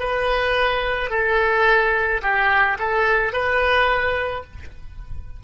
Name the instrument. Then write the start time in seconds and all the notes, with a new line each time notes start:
oboe
0.00 B4
1.11 A4
2.23 G4
2.79 A4
3.33 B4